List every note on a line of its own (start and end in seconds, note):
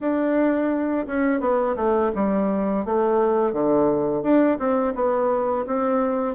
0.00 1.06 D4
1.06 1.40 C#4
1.40 1.75 B3
1.76 2.11 A3
2.14 2.85 G3
2.85 3.52 A3
3.52 4.22 D3
4.22 4.58 D4
4.59 4.94 C4
4.94 5.65 B3
5.66 6.35 C4